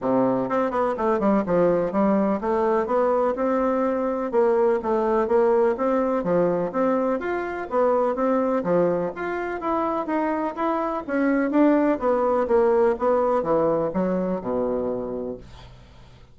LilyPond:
\new Staff \with { instrumentName = "bassoon" } { \time 4/4 \tempo 4 = 125 c4 c'8 b8 a8 g8 f4 | g4 a4 b4 c'4~ | c'4 ais4 a4 ais4 | c'4 f4 c'4 f'4 |
b4 c'4 f4 f'4 | e'4 dis'4 e'4 cis'4 | d'4 b4 ais4 b4 | e4 fis4 b,2 | }